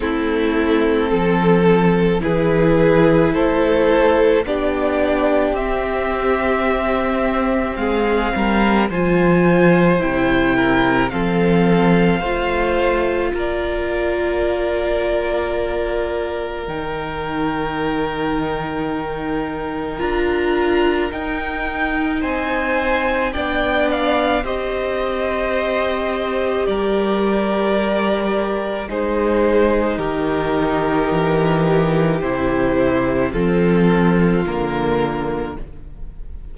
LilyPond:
<<
  \new Staff \with { instrumentName = "violin" } { \time 4/4 \tempo 4 = 54 a'2 b'4 c''4 | d''4 e''2 f''4 | gis''4 g''4 f''2 | d''2. g''4~ |
g''2 ais''4 g''4 | gis''4 g''8 f''8 dis''2 | d''2 c''4 ais'4~ | ais'4 c''4 a'4 ais'4 | }
  \new Staff \with { instrumentName = "violin" } { \time 4/4 e'4 a'4 gis'4 a'4 | g'2. gis'8 ais'8 | c''4. ais'8 a'4 c''4 | ais'1~ |
ais'1 | c''4 d''4 c''2 | ais'2 gis'4 g'4~ | g'2 f'2 | }
  \new Staff \with { instrumentName = "viola" } { \time 4/4 c'2 e'2 | d'4 c'2. | f'4 e'4 c'4 f'4~ | f'2. dis'4~ |
dis'2 f'4 dis'4~ | dis'4 d'4 g'2~ | g'2 dis'2~ | dis'4 e'4 c'4 ais4 | }
  \new Staff \with { instrumentName = "cello" } { \time 4/4 a4 f4 e4 a4 | b4 c'2 gis8 g8 | f4 c4 f4 a4 | ais2. dis4~ |
dis2 d'4 dis'4 | c'4 b4 c'2 | g2 gis4 dis4 | e4 c4 f4 d4 | }
>>